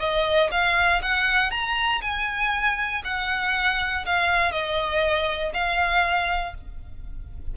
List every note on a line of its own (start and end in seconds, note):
0.00 0.50 D#5
0.52 1.02 F5
1.02 1.51 F#5
1.51 2.01 A#5
2.02 3.03 G#5
3.05 4.06 F#5
4.06 4.52 F5
4.52 5.53 D#5
5.54 6.55 F5